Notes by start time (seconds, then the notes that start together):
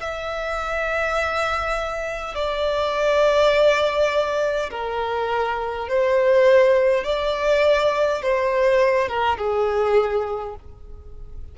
0.00 E5
2.34 D5
4.70 A#4
5.88 C5
7.04 D5
8.21 C5
9.08 A#4
9.37 G#4